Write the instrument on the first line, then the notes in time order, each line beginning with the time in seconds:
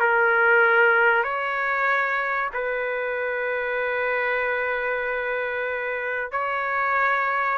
trumpet
0.00 A#4
1.24 C#5
2.53 B4
6.32 C#5